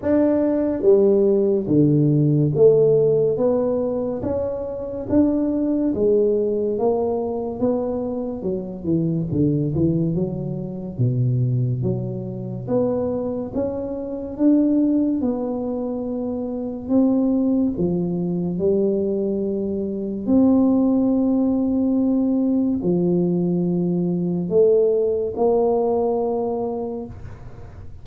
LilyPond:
\new Staff \with { instrumentName = "tuba" } { \time 4/4 \tempo 4 = 71 d'4 g4 d4 a4 | b4 cis'4 d'4 gis4 | ais4 b4 fis8 e8 d8 e8 | fis4 b,4 fis4 b4 |
cis'4 d'4 b2 | c'4 f4 g2 | c'2. f4~ | f4 a4 ais2 | }